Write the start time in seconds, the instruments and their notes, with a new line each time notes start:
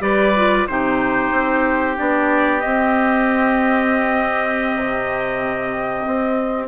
0.00 bassoon G3, clarinet G4, oboe B4, trumpet D5
0.36 clarinet F4
0.67 bassoon C3, clarinet D#4, oboe G4, trumpet C5
1.32 bassoon C4
1.96 bassoon B3, clarinet D4, trumpet D5
2.61 bassoon C4, clarinet C4, trumpet D#5
4.74 bassoon C3
6.06 bassoon C4